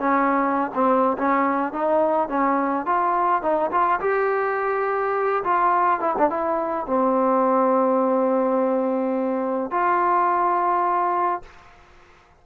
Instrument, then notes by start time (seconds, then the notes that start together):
trombone
0.00 C#4
0.75 C4
1.18 C#4
1.73 D#4
2.29 C#4
2.86 F4
3.43 D#4
3.72 F4
4.01 G4
5.44 F4
6.01 E4
6.18 D4
6.30 E4
6.87 C4
9.71 F4